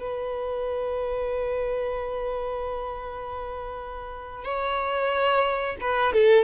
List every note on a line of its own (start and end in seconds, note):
0.00 4.44 B4
4.44 5.76 C#5
5.81 6.13 B4
6.13 6.44 A4